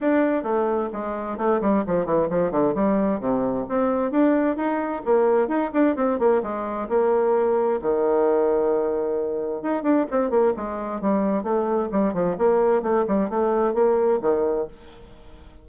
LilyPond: \new Staff \with { instrumentName = "bassoon" } { \time 4/4 \tempo 4 = 131 d'4 a4 gis4 a8 g8 | f8 e8 f8 d8 g4 c4 | c'4 d'4 dis'4 ais4 | dis'8 d'8 c'8 ais8 gis4 ais4~ |
ais4 dis2.~ | dis4 dis'8 d'8 c'8 ais8 gis4 | g4 a4 g8 f8 ais4 | a8 g8 a4 ais4 dis4 | }